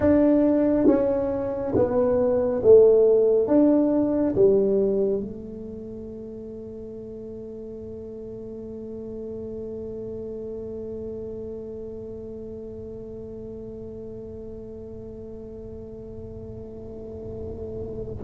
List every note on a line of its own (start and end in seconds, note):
0.00 0.86 D4
0.86 1.73 C#4
1.75 2.62 B3
2.63 3.47 A3
3.47 4.34 D4
4.35 5.20 G3
5.20 18.24 A3